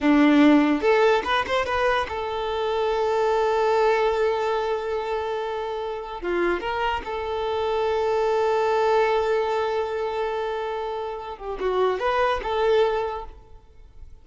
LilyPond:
\new Staff \with { instrumentName = "violin" } { \time 4/4 \tempo 4 = 145 d'2 a'4 b'8 c''8 | b'4 a'2.~ | a'1~ | a'2. f'4 |
ais'4 a'2.~ | a'1~ | a'2.~ a'8 g'8 | fis'4 b'4 a'2 | }